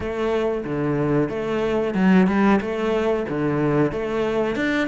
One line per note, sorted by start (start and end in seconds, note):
0.00 0.64 A3
0.65 1.29 D3
1.29 1.94 A3
1.94 2.27 F#3
2.27 2.59 G3
2.61 3.26 A3
3.28 3.91 D3
3.91 4.55 A3
4.55 4.88 D4